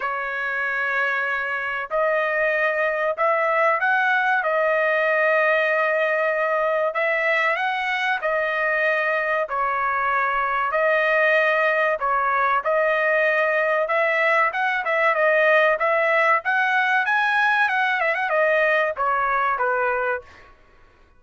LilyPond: \new Staff \with { instrumentName = "trumpet" } { \time 4/4 \tempo 4 = 95 cis''2. dis''4~ | dis''4 e''4 fis''4 dis''4~ | dis''2. e''4 | fis''4 dis''2 cis''4~ |
cis''4 dis''2 cis''4 | dis''2 e''4 fis''8 e''8 | dis''4 e''4 fis''4 gis''4 | fis''8 e''16 fis''16 dis''4 cis''4 b'4 | }